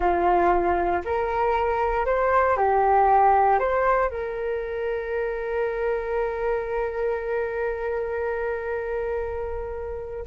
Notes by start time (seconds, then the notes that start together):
0.00 F4
1.04 A#4
2.05 C5
2.56 G4
3.59 C5
4.10 A#4